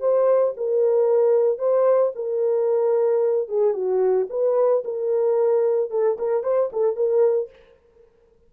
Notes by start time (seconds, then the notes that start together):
0.00 C5
0.57 A#4
1.59 C5
2.15 A#4
3.48 G#4
3.74 F#4
4.30 B4
4.84 A#4
5.91 A4
6.18 A#4
6.43 C5
6.72 A4
6.96 A#4